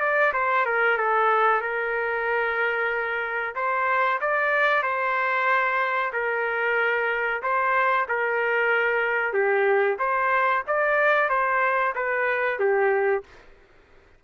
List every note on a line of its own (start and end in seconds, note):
0.00 0.32 D5
0.33 0.65 C5
0.65 0.97 A#4
0.97 1.61 A4
1.61 3.55 A#4
3.55 4.19 C5
4.21 4.82 D5
4.82 6.11 C5
6.13 7.42 A#4
7.42 8.06 C5
8.08 9.33 A#4
9.33 9.97 G4
9.99 10.63 C5
10.67 11.29 D5
11.29 11.94 C5
11.95 12.59 B4
12.59 13.23 G4